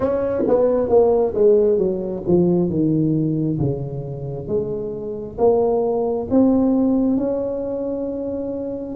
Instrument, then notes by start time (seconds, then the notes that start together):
tuba
0.00 C#4
0.47 B3
0.89 A#3
1.34 G#3
1.77 F#3
2.27 F3
2.69 D#3
3.59 C#3
4.47 G#3
5.37 A#3
6.30 C4
7.17 C#4